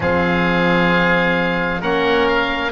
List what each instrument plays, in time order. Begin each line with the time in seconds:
0.00 double bass F3, trombone C4, oboe G#4 F5
1.80 double bass A#3, trombone C#4, oboe A#4 F#5
2.28 oboe F5